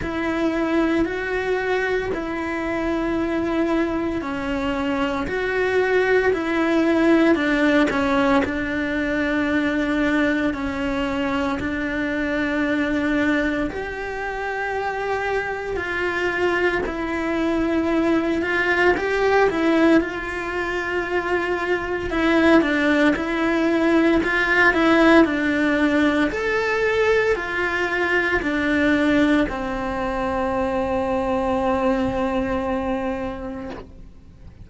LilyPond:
\new Staff \with { instrumentName = "cello" } { \time 4/4 \tempo 4 = 57 e'4 fis'4 e'2 | cis'4 fis'4 e'4 d'8 cis'8 | d'2 cis'4 d'4~ | d'4 g'2 f'4 |
e'4. f'8 g'8 e'8 f'4~ | f'4 e'8 d'8 e'4 f'8 e'8 | d'4 a'4 f'4 d'4 | c'1 | }